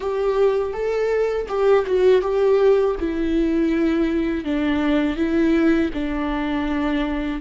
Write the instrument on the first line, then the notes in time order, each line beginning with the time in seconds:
viola
0.00 G4
0.73 A4
1.48 G4
1.86 F#4
2.21 G4
2.99 E4
4.44 D4
5.16 E4
5.93 D4